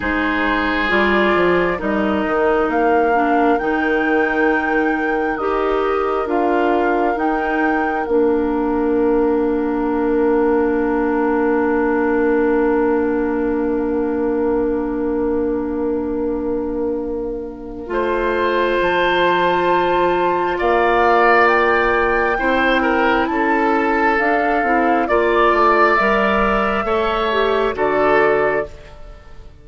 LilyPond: <<
  \new Staff \with { instrumentName = "flute" } { \time 4/4 \tempo 4 = 67 c''4 d''4 dis''4 f''4 | g''2 dis''4 f''4 | g''4 f''2.~ | f''1~ |
f''1~ | f''4 a''2 f''4 | g''2 a''4 f''4 | d''4 e''2 d''4 | }
  \new Staff \with { instrumentName = "oboe" } { \time 4/4 gis'2 ais'2~ | ais'1~ | ais'1~ | ais'1~ |
ais'1 | c''2. d''4~ | d''4 c''8 ais'8 a'2 | d''2 cis''4 a'4 | }
  \new Staff \with { instrumentName = "clarinet" } { \time 4/4 dis'4 f'4 dis'4. d'8 | dis'2 g'4 f'4 | dis'4 d'2.~ | d'1~ |
d'1 | f'1~ | f'4 e'2 d'8 e'8 | f'4 ais'4 a'8 g'8 fis'4 | }
  \new Staff \with { instrumentName = "bassoon" } { \time 4/4 gis4 g8 f8 g8 dis8 ais4 | dis2 dis'4 d'4 | dis'4 ais2.~ | ais1~ |
ais1 | a4 f2 ais4~ | ais4 c'4 cis'4 d'8 c'8 | ais8 a8 g4 a4 d4 | }
>>